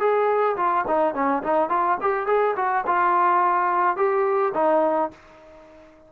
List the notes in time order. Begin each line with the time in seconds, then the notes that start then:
0.00 G#4
0.57 F4
0.88 D#4
1.14 C#4
1.43 D#4
1.70 F4
2.01 G4
2.27 G#4
2.57 F#4
2.87 F4
3.97 G4
4.54 D#4